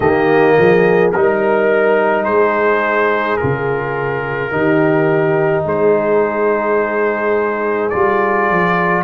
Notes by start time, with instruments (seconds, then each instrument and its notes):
0.00 tuba D#3, trombone A#3, horn G4, trumpet D#5
0.58 tuba F3, horn G#4
1.11 tuba G3, trombone D#4, trumpet A#4, horn A#4
2.24 tuba G#3, horn G#4, trumpet C5
3.37 trombone F4, trumpet A#4
3.43 tuba C#3
4.51 tuba D#3, trombone D#4, horn G4
5.64 tuba G#3, horn G#4, trumpet C5
7.89 tuba G3, trombone F4, trumpet D5
8.50 tuba F3